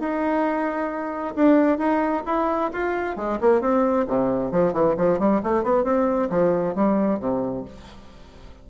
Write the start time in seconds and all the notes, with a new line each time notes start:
0.00 D#4
1.36 D4
1.79 D#4
2.26 E4
2.73 F4
3.17 G#3
3.41 A#3
3.62 C4
4.08 C3
4.52 F3
4.73 E3
4.98 F3
5.19 G3
5.43 A3
5.64 B3
5.84 C4
6.30 F3
6.76 G3
7.20 C3